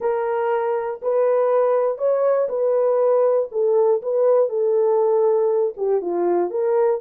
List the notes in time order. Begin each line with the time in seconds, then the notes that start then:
0.00 A#4
1.02 B4
1.97 C#5
2.48 B4
3.51 A4
4.02 B4
4.49 A4
5.77 G4
6.01 F4
6.50 A#4